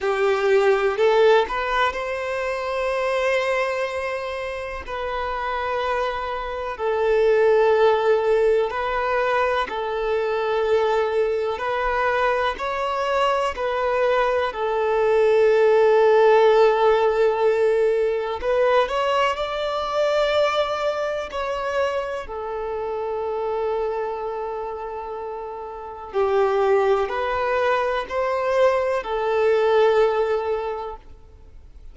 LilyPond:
\new Staff \with { instrumentName = "violin" } { \time 4/4 \tempo 4 = 62 g'4 a'8 b'8 c''2~ | c''4 b'2 a'4~ | a'4 b'4 a'2 | b'4 cis''4 b'4 a'4~ |
a'2. b'8 cis''8 | d''2 cis''4 a'4~ | a'2. g'4 | b'4 c''4 a'2 | }